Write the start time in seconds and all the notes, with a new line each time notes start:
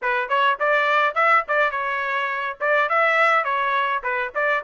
0.02 B4
0.28 C#5
0.59 D5
1.14 E5
1.48 D5
1.71 C#5
2.60 D5
2.89 E5
3.44 C#5
4.03 B4
4.35 D5